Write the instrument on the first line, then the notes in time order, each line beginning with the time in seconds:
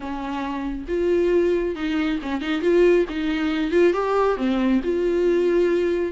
viola
0.00 C#4
0.88 F4
1.75 D#4
2.22 C#4
2.41 D#4
2.61 F4
3.09 D#4
3.71 F4
3.93 G4
4.37 C4
4.83 F4